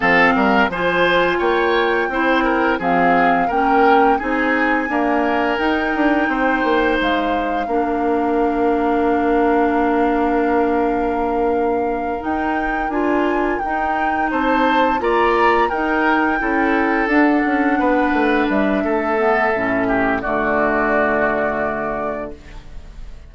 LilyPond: <<
  \new Staff \with { instrumentName = "flute" } { \time 4/4 \tempo 4 = 86 f''4 gis''4 g''2 | f''4 g''4 gis''2 | g''2 f''2~ | f''1~ |
f''4. g''4 gis''4 g''8~ | g''8 a''4 ais''4 g''4.~ | g''8 fis''2 e''4.~ | e''4 d''2. | }
  \new Staff \with { instrumentName = "oboe" } { \time 4/4 a'8 ais'8 c''4 cis''4 c''8 ais'8 | gis'4 ais'4 gis'4 ais'4~ | ais'4 c''2 ais'4~ | ais'1~ |
ais'1~ | ais'8 c''4 d''4 ais'4 a'8~ | a'4. b'4. a'4~ | a'8 g'8 fis'2. | }
  \new Staff \with { instrumentName = "clarinet" } { \time 4/4 c'4 f'2 e'4 | c'4 cis'4 dis'4 ais4 | dis'2. d'4~ | d'1~ |
d'4. dis'4 f'4 dis'8~ | dis'4. f'4 dis'4 e'8~ | e'8 d'2. b8 | cis'4 a2. | }
  \new Staff \with { instrumentName = "bassoon" } { \time 4/4 f8 g8 f4 ais4 c'4 | f4 ais4 c'4 d'4 | dis'8 d'8 c'8 ais8 gis4 ais4~ | ais1~ |
ais4. dis'4 d'4 dis'8~ | dis'8 c'4 ais4 dis'4 cis'8~ | cis'8 d'8 cis'8 b8 a8 g8 a4 | a,4 d2. | }
>>